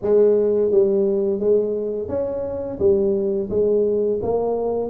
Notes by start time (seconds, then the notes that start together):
0.02 G#3
0.71 G3
1.40 G#3
2.08 C#4
2.79 G3
3.50 G#3
4.22 A#3